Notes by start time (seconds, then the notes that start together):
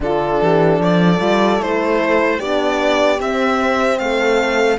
0.00 D3 D4 F4 A4
0.41 E3 G4
0.78 F3 A4 D5
1.18 G3 F4
1.60 A3 E4 C5
2.38 B3 D4 G4 D5
3.19 C4 E5
3.98 A3 A4 F5